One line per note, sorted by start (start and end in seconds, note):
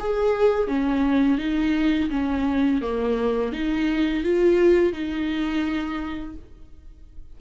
0.00 0.68 G#4
0.68 1.39 C#4
1.39 2.10 D#4
2.11 2.82 C#4
2.82 3.53 A#3
3.53 4.24 D#4
4.24 4.94 F4
4.94 6.36 D#4